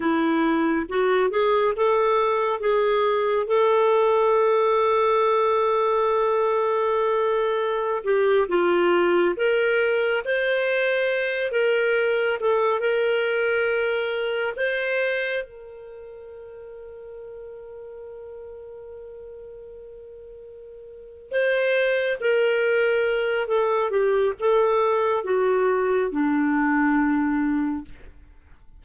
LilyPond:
\new Staff \with { instrumentName = "clarinet" } { \time 4/4 \tempo 4 = 69 e'4 fis'8 gis'8 a'4 gis'4 | a'1~ | a'4~ a'16 g'8 f'4 ais'4 c''16~ | c''4~ c''16 ais'4 a'8 ais'4~ ais'16~ |
ais'8. c''4 ais'2~ ais'16~ | ais'1~ | ais'8 c''4 ais'4. a'8 g'8 | a'4 fis'4 d'2 | }